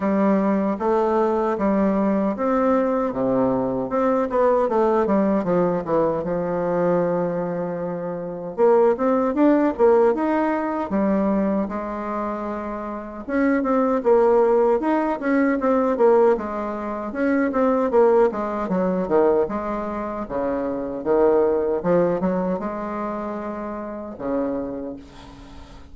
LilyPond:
\new Staff \with { instrumentName = "bassoon" } { \time 4/4 \tempo 4 = 77 g4 a4 g4 c'4 | c4 c'8 b8 a8 g8 f8 e8 | f2. ais8 c'8 | d'8 ais8 dis'4 g4 gis4~ |
gis4 cis'8 c'8 ais4 dis'8 cis'8 | c'8 ais8 gis4 cis'8 c'8 ais8 gis8 | fis8 dis8 gis4 cis4 dis4 | f8 fis8 gis2 cis4 | }